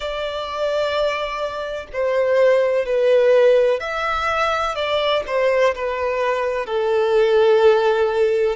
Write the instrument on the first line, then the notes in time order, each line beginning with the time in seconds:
violin
0.00 D5
1.92 C5
2.85 B4
3.80 E5
4.75 D5
5.26 C5
5.74 B4
6.66 A4